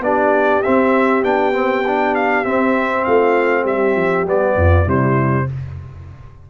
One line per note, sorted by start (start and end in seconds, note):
0.00 0.61 B3
0.00 0.63 D4
0.00 3.06 G4
0.00 0.62 D5
0.62 1.24 C4
0.62 1.23 C4
0.62 1.23 E5
1.23 2.44 B3
1.23 1.53 D4
1.23 2.15 G5
1.53 1.83 C4
1.87 2.45 D4
2.15 2.45 F5
2.45 3.05 C4
2.45 4.26 C4
2.45 3.04 E5
3.04 3.66 A3
3.04 3.62 F4
3.04 3.65 F5
3.62 3.96 G3
3.62 4.53 G4
3.62 4.27 E5
3.96 4.26 F3
4.26 4.56 G3
4.26 4.86 B3
4.26 4.89 D5
4.56 4.86 F2
4.56 4.85 F4
4.85 5.48 C3
4.85 5.46 G3
4.85 5.46 E4
4.85 5.50 C5